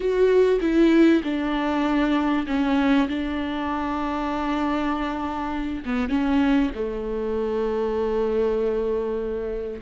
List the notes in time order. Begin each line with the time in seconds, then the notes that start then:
0.00 F#4
0.61 E4
1.23 D4
2.46 C#4
3.08 D4
5.85 B3
6.09 C#4
6.74 A3